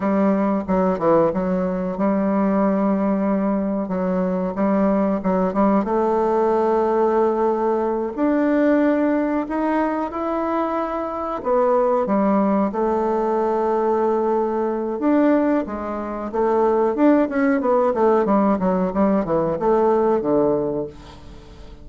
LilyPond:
\new Staff \with { instrumentName = "bassoon" } { \time 4/4 \tempo 4 = 92 g4 fis8 e8 fis4 g4~ | g2 fis4 g4 | fis8 g8 a2.~ | a8 d'2 dis'4 e'8~ |
e'4. b4 g4 a8~ | a2. d'4 | gis4 a4 d'8 cis'8 b8 a8 | g8 fis8 g8 e8 a4 d4 | }